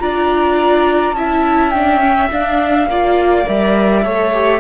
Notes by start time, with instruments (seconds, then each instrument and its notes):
0.00 cello D4, viola F4, violin D5, flute A#5
1.13 cello C#4, viola E4, violin E5, flute A5
1.71 viola D4, flute G5
2.01 viola C#4
2.32 viola D4, cello D4, flute F5
2.87 cello A#3, viola F4, violin D5
3.46 cello G3, viola A#4, flute E5
4.05 cello A3, viola A4, violin C#5
4.33 viola G4